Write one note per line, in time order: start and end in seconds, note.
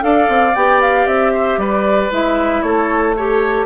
0.00 0.28 D4
0.00 0.52 A4
0.00 1.33 D5
0.00 0.54 F5
0.28 0.54 C4
0.54 1.06 B3
0.54 2.11 G4
0.54 0.81 G5
0.81 1.07 F5
1.06 1.57 C4
1.06 1.59 E5
1.33 1.59 C5
1.57 2.10 G3
1.57 2.64 B4
1.57 2.11 D5
2.11 2.63 G#3
2.11 3.15 E4
2.11 2.62 E5
2.62 3.66 A3
2.62 3.16 A4
2.62 3.14 C#5
3.16 3.66 G4
3.16 3.66 A4
3.16 3.66 C#5